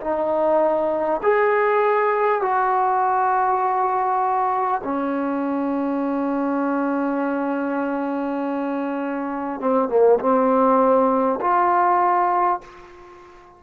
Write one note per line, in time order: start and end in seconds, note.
0.00 1.20 D#4
1.22 2.41 G#4
2.41 4.81 F#4
4.83 9.60 C#4
9.60 9.88 C4
9.88 10.18 A#3
10.19 11.39 C4
11.41 12.61 F4